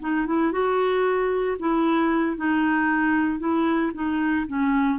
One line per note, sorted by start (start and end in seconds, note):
0.00 0.26 D#4
0.26 0.52 E4
0.52 1.57 F#4
1.59 2.37 E4
2.37 3.39 D#4
3.39 3.92 E4
3.94 4.47 D#4
4.47 4.99 C#4